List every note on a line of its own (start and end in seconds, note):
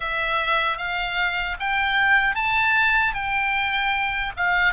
0.00 0.77 E5
0.77 1.56 F5
1.59 2.35 G5
2.35 3.14 A5
3.14 4.32 G5
4.36 4.73 F5